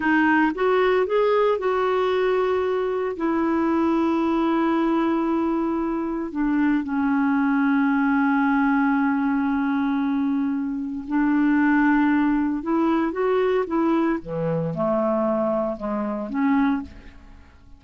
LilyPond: \new Staff \with { instrumentName = "clarinet" } { \time 4/4 \tempo 4 = 114 dis'4 fis'4 gis'4 fis'4~ | fis'2 e'2~ | e'1 | d'4 cis'2.~ |
cis'1~ | cis'4 d'2. | e'4 fis'4 e'4 e4 | a2 gis4 cis'4 | }